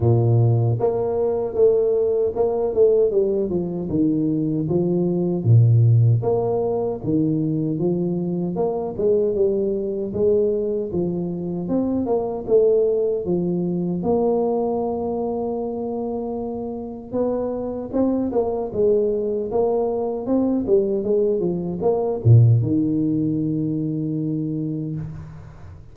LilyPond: \new Staff \with { instrumentName = "tuba" } { \time 4/4 \tempo 4 = 77 ais,4 ais4 a4 ais8 a8 | g8 f8 dis4 f4 ais,4 | ais4 dis4 f4 ais8 gis8 | g4 gis4 f4 c'8 ais8 |
a4 f4 ais2~ | ais2 b4 c'8 ais8 | gis4 ais4 c'8 g8 gis8 f8 | ais8 ais,8 dis2. | }